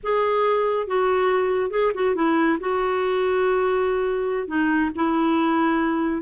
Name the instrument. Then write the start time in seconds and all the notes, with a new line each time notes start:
clarinet
0.03 G#4
0.87 F#4
1.70 G#4
1.94 F#4
2.15 E4
2.60 F#4
4.47 D#4
4.95 E4